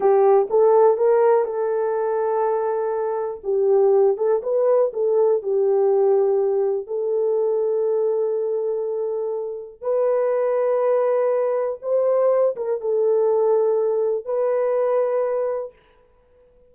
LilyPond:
\new Staff \with { instrumentName = "horn" } { \time 4/4 \tempo 4 = 122 g'4 a'4 ais'4 a'4~ | a'2. g'4~ | g'8 a'8 b'4 a'4 g'4~ | g'2 a'2~ |
a'1 | b'1 | c''4. ais'8 a'2~ | a'4 b'2. | }